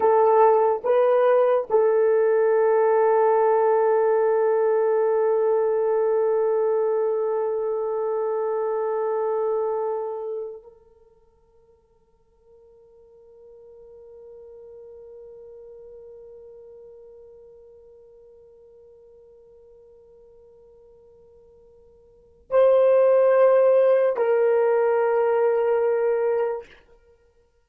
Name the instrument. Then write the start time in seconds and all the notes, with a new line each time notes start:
horn
0.00 A4
0.84 B4
1.70 A4
10.62 A#4
22.50 C5
24.16 A#4